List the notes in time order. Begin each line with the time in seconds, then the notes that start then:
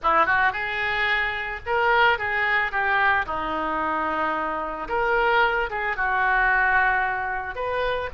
0.03 E4
0.26 F#4
0.52 G#4
1.65 A#4
2.18 G#4
2.71 G4
3.26 D#4
4.88 A#4
5.70 G#4
5.96 F#4
7.55 B4